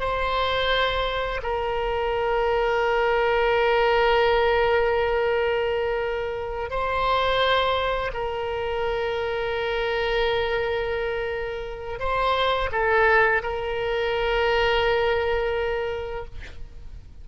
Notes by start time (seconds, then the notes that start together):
0.00 C5
1.43 A#4
6.71 C5
8.14 A#4
12.00 C5
12.72 A4
13.43 A#4